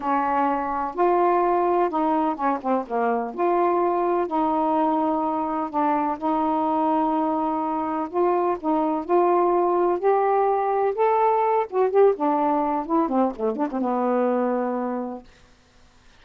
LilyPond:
\new Staff \with { instrumentName = "saxophone" } { \time 4/4 \tempo 4 = 126 cis'2 f'2 | dis'4 cis'8 c'8 ais4 f'4~ | f'4 dis'2. | d'4 dis'2.~ |
dis'4 f'4 dis'4 f'4~ | f'4 g'2 a'4~ | a'8 fis'8 g'8 d'4. e'8 c'8 | a8 d'16 c'16 b2. | }